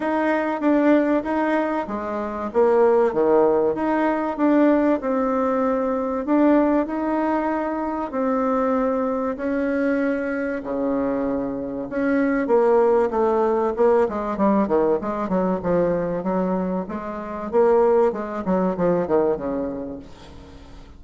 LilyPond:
\new Staff \with { instrumentName = "bassoon" } { \time 4/4 \tempo 4 = 96 dis'4 d'4 dis'4 gis4 | ais4 dis4 dis'4 d'4 | c'2 d'4 dis'4~ | dis'4 c'2 cis'4~ |
cis'4 cis2 cis'4 | ais4 a4 ais8 gis8 g8 dis8 | gis8 fis8 f4 fis4 gis4 | ais4 gis8 fis8 f8 dis8 cis4 | }